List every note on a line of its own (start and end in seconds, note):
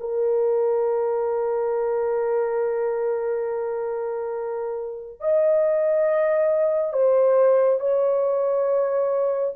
0.00 5.20 A#4
5.20 6.93 D#5
6.93 7.80 C5
7.80 9.54 C#5